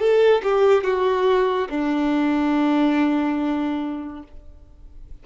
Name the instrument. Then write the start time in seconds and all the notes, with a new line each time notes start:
violin
0.00 A4
0.43 G4
0.84 F#4
1.70 D4